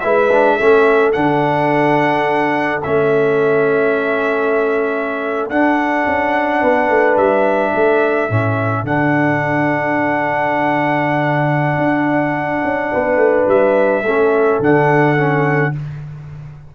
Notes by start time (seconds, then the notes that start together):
0.00 G#3 E4 B4 E5
0.32 D4
0.57 A3 C#4 A4
1.13 D3 D4 F#5
2.83 A3 C#4 E5
5.50 D4 F#5
6.07 C#4
6.62 B3 B4
6.90 A3
7.17 G3 E5
7.74 A3 A4
8.30 A2 C#4
8.84 D3 D4 F#5
11.78 D4
12.64 C#4
12.92 B3 B4
13.16 A3
13.48 G3 E5
14.03 A3 C#4 A4
14.60 D3 D4 F#5
15.17 C#4